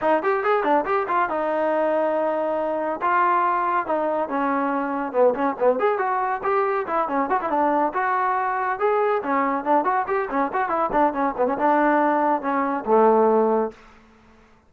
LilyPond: \new Staff \with { instrumentName = "trombone" } { \time 4/4 \tempo 4 = 140 dis'8 g'8 gis'8 d'8 g'8 f'8 dis'4~ | dis'2. f'4~ | f'4 dis'4 cis'2 | b8 cis'8 b8 gis'8 fis'4 g'4 |
e'8 cis'8 fis'16 e'16 d'4 fis'4.~ | fis'8 gis'4 cis'4 d'8 fis'8 g'8 | cis'8 fis'8 e'8 d'8 cis'8 b16 cis'16 d'4~ | d'4 cis'4 a2 | }